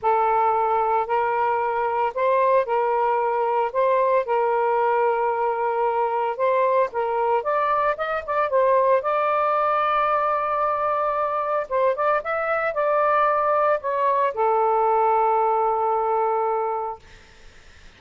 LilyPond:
\new Staff \with { instrumentName = "saxophone" } { \time 4/4 \tempo 4 = 113 a'2 ais'2 | c''4 ais'2 c''4 | ais'1 | c''4 ais'4 d''4 dis''8 d''8 |
c''4 d''2.~ | d''2 c''8 d''8 e''4 | d''2 cis''4 a'4~ | a'1 | }